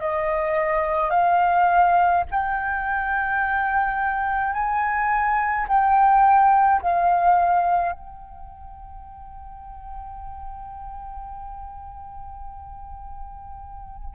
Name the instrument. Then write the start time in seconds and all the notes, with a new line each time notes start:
flute
0.00 D#5
1.11 F5
2.31 G5
4.53 G#5
5.68 G5
6.82 F5
7.92 G5